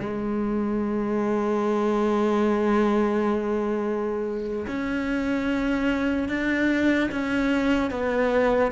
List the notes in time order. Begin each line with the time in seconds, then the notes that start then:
0.00 G#3
4.67 C#4
6.29 D4
7.11 C#4
7.91 B3